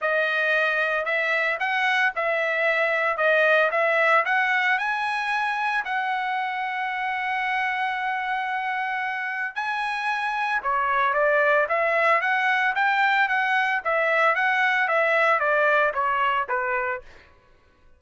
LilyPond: \new Staff \with { instrumentName = "trumpet" } { \time 4/4 \tempo 4 = 113 dis''2 e''4 fis''4 | e''2 dis''4 e''4 | fis''4 gis''2 fis''4~ | fis''1~ |
fis''2 gis''2 | cis''4 d''4 e''4 fis''4 | g''4 fis''4 e''4 fis''4 | e''4 d''4 cis''4 b'4 | }